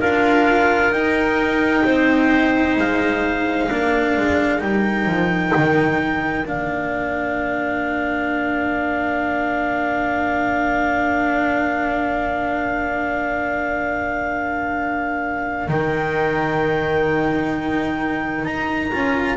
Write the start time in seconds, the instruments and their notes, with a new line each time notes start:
0.00 double bass D4, cello F4, clarinet A#4 F5
0.91 double bass D#4, cello D#4, clarinet G5
1.84 double bass C4, clarinet C5
2.77 double bass G#3, clarinet F5
3.68 double bass A#3, cello D4, clarinet A#4
4.17 double bass G#3
4.59 double bass G3, cello D#4, clarinet G5
5.05 double bass F3
5.55 double bass D#3
6.46 double bass A#3, cello D4, clarinet F5
15.68 double bass D#3, cello D#4, clarinet G5
18.45 double bass D#4, clarinet A#5
18.92 double bass C#4, cello F4